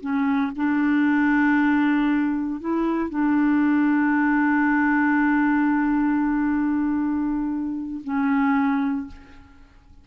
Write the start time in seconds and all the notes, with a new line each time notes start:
0.00 C#4
0.55 D4
2.60 E4
3.09 D4
8.03 C#4